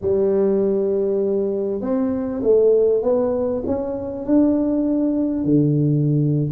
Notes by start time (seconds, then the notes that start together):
0.01 G3
1.81 C4
2.42 A3
3.02 B3
3.66 C#4
4.25 D4
5.44 D3